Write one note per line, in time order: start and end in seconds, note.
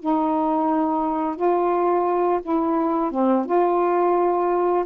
0.00 1.36 D#4
1.36 2.41 F4
2.43 3.11 E4
3.11 3.46 C4
3.46 4.85 F4